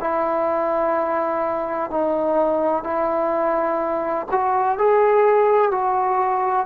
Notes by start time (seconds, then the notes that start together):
0.00 E4
1.90 D#4
2.84 E4
4.31 F#4
4.78 G#4
5.71 F#4